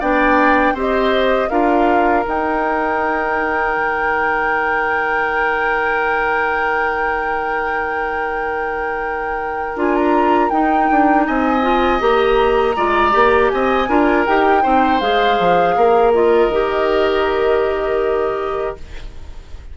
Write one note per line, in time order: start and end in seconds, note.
0.00 0.73 B3
0.00 0.76 D4
0.00 0.74 D5
0.00 0.76 G5
0.73 1.48 C4
0.73 1.50 G4
0.73 1.49 C5
0.79 1.49 D#5
1.49 2.25 D4
1.49 2.25 F4
1.49 11.25 A#4
1.49 2.24 F5
2.25 9.75 D#4
2.25 3.77 D#4
2.25 9.78 G5
3.77 9.75 D#3
9.75 10.50 D4
9.75 10.51 F4
9.75 9.95 G#5
9.95 10.50 A#5
10.50 11.62 D#4
10.50 10.89 D#4
10.50 11.25 G5
10.91 11.28 D4
11.26 12.01 C4
11.26 12.76 D#5
11.26 12.01 G#5
11.62 12.00 F4
12.00 12.76 A#3
12.00 12.75 G4
12.00 13.49 A#5
12.76 13.14 G#3
12.76 13.12 F4
12.76 13.51 D5
13.12 13.52 A#3
13.12 13.87 G4
13.49 13.89 C4
13.49 13.89 D#5
13.49 14.24 G#5
13.89 14.26 D4
13.89 14.26 F4
13.89 14.63 A#4
14.26 14.65 D#4
14.26 14.63 G4
14.26 15.00 G5
14.63 15.01 C4
14.63 15.00 D#4
14.63 15.75 C5
15.00 15.38 G#3
15.00 16.14 G#4
15.00 16.13 F5
15.40 15.76 F3
15.76 16.49 A#3
15.76 18.77 A#4
16.13 16.52 F4
16.13 18.76 D#5
16.49 18.74 D#3
16.49 18.77 G4